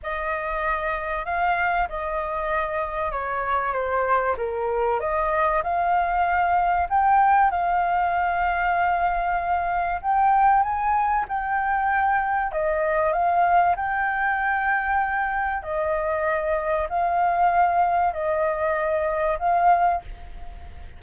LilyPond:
\new Staff \with { instrumentName = "flute" } { \time 4/4 \tempo 4 = 96 dis''2 f''4 dis''4~ | dis''4 cis''4 c''4 ais'4 | dis''4 f''2 g''4 | f''1 |
g''4 gis''4 g''2 | dis''4 f''4 g''2~ | g''4 dis''2 f''4~ | f''4 dis''2 f''4 | }